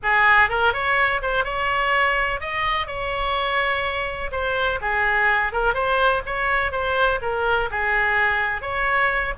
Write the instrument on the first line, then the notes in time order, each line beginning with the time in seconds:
oboe
0.02 G#4
0.49 A#4
0.73 C#5
1.22 C5
1.44 C#5
2.40 D#5
2.86 C#5
4.31 C5
4.81 G#4
5.52 A#4
5.74 C5
6.26 C#5
6.71 C5
7.21 A#4
7.70 G#4
8.61 C#5